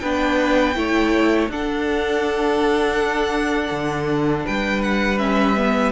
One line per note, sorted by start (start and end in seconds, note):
0.00 0.76 B3
0.00 0.75 D4
0.00 0.76 B4
0.00 1.48 G5
0.75 1.48 A3
0.75 1.49 E4
0.75 1.51 C#5
1.48 3.71 D4
1.48 5.18 D4
1.48 4.46 A4
1.48 4.47 F#5
3.71 4.45 D3
4.46 5.92 G3
4.46 5.92 B4
4.46 4.82 G5
4.82 5.19 F#5
5.18 5.55 C#4
5.18 5.92 E5
5.57 5.92 B3